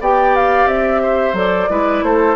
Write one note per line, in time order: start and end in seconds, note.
0.00 0.66 B3
0.00 1.35 G4
0.00 1.02 D5
0.00 0.36 G5
0.36 0.68 F5
0.66 1.33 C4
0.66 1.36 E5
1.02 1.70 C5
1.33 1.67 F#3
1.33 1.69 A4
1.33 2.04 D5
1.70 2.03 G#3
1.70 2.36 E4
1.70 2.05 B4
2.03 2.36 A3
2.03 2.36 A4
2.03 2.36 C5